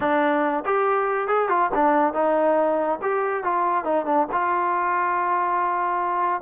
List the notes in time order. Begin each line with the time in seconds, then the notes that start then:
0.00 D4
0.65 G4
1.27 G#4
1.48 F4
1.74 D4
2.13 D#4
3.02 G4
3.43 F4
3.84 D#4
4.05 D4
4.32 F4